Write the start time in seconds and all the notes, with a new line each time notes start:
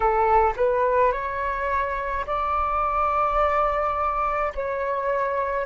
0.00 A4
0.56 B4
1.12 C#5
2.26 D5
4.54 C#5